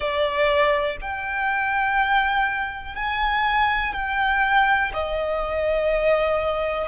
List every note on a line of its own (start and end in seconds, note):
0.00 0.97 D5
1.01 2.95 G5
2.95 3.93 G#5
3.93 4.91 G5
4.93 6.88 D#5